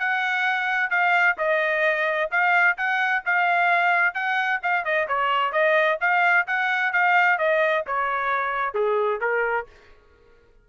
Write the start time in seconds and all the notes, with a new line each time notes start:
0.00 F#5
0.91 F5
1.38 D#5
2.31 F5
2.78 F#5
3.26 F5
4.15 F#5
4.63 F5
4.85 D#5
5.08 C#5
5.53 D#5
6.01 F5
6.47 F#5
6.93 F5
7.39 D#5
7.87 C#5
8.75 G#4
9.21 A#4